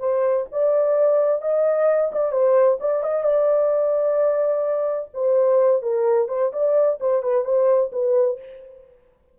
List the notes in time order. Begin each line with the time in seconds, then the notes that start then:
0.00 C5
0.52 D5
1.42 D#5
2.13 D5
2.32 C5
2.81 D5
3.03 D#5
3.24 D5
5.14 C5
5.83 A#4
6.29 C5
6.53 D5
7.01 C5
7.23 B4
7.45 C5
7.93 B4